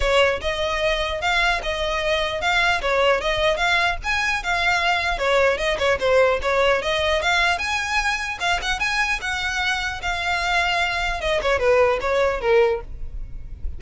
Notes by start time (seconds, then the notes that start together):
0.00 C#5
0.41 D#5
1.21 F5
1.62 D#5
2.41 F5
2.81 C#5
3.20 D#5
3.57 F5
4.03 G#5
4.43 F5
5.18 C#5
5.57 D#5
5.78 C#5
5.99 C5
6.41 C#5
6.82 D#5
7.22 F5
7.58 G#5
8.40 F5
8.62 F#5
8.79 G#5
9.21 F#5
10.02 F5
11.20 D#5
11.42 C#5
11.59 B4
12.00 C#5
12.40 A#4